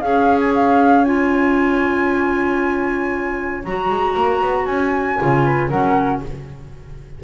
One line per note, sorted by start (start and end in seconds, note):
0.00 3.64 C#4
0.00 1.05 G#4
0.00 5.44 C#5
0.00 0.39 F5
0.39 0.52 G#5
0.54 1.04 F5
1.04 3.64 F4
1.04 3.63 G#5
3.64 3.89 F#3
3.64 5.19 F#4
3.64 4.65 A#5
3.89 4.14 G#3
4.15 4.41 A#3
4.41 4.66 B3
4.65 5.18 C#4
4.65 5.68 G#5
5.19 5.71 C#3
5.19 5.70 F4
5.44 5.68 B4
5.68 6.22 F#3
5.68 6.23 C#4
5.68 6.20 A#4
5.68 6.21 F#5